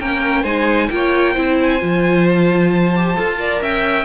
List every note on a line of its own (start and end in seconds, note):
0.00 0.44 A#3
0.00 0.45 C#4
0.00 0.43 A#4
0.00 0.45 G5
0.43 0.89 G#3
0.43 0.90 D#4
0.43 0.88 C5
0.43 0.90 G#5
0.90 1.37 A#3
0.90 1.36 F4
0.90 1.34 C#5
0.90 1.57 G5
1.34 1.82 C4
1.34 1.80 E4
1.34 3.37 C5
1.62 2.29 G#5
1.80 3.18 F3
1.80 2.92 F4
2.30 3.63 A5
2.96 3.17 G4
3.17 3.62 F4
3.17 3.38 A4
3.38 4.06 A#4
3.38 3.62 D5
3.62 4.06 C#4
3.62 4.06 E5
3.62 4.06 G5